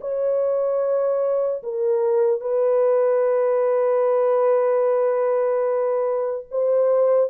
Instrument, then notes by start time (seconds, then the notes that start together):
horn
0.00 C#5
1.63 A#4
2.40 B4
6.51 C5